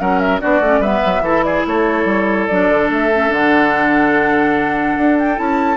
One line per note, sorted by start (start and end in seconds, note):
0.00 0.42 F#3
0.00 0.41 C#4
0.00 0.42 A#4
0.00 0.20 F#5
0.20 0.40 E5
0.41 0.60 B3
0.41 0.61 D4
0.41 0.81 F#4
0.41 0.82 D5
0.60 0.80 A3
0.60 0.83 C#4
0.80 1.01 G3
0.80 1.25 B3
0.80 1.22 B4
0.80 1.44 E5
1.06 1.21 F#3
1.21 1.62 E3
1.21 2.50 E4
1.21 1.45 A4
1.44 1.67 G#4
1.44 1.65 D5
1.67 2.05 A3
1.67 5.77 A4
1.67 2.47 C#5
2.05 2.47 G3
2.47 2.70 F#3
2.47 3.12 D4
2.47 2.89 D5
2.70 2.90 D3
2.90 3.31 A3
2.90 3.33 E5
3.13 3.28 C#4
3.28 4.97 D3
3.28 5.35 D4
3.28 5.19 F#5
4.97 5.39 D4
5.19 5.39 G5
5.35 5.77 C#4
5.35 5.77 E4
5.35 5.77 A5